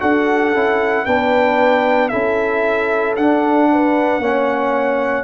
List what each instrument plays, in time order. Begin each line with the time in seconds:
0.00 tuba D4, trombone F#4, horn A4, trumpet F#5
0.54 tuba C#4, trombone E4
1.05 tuba B3, trombone D4, horn B4, trumpet G5
2.09 tuba C#4, trombone E4, horn A4, trumpet E5
3.16 tuba D4, trombone D4, trumpet F#5
3.73 horn B4
4.19 tuba A#3, trombone C#4, horn C#5